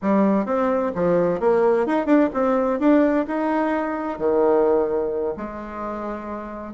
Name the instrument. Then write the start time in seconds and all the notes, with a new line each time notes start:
bassoon
0.02 G3
0.45 C4
0.94 F3
1.40 A#3
1.86 D#4
2.05 D4
2.33 C4
2.79 D4
3.27 D#4
4.18 D#3
5.36 G#3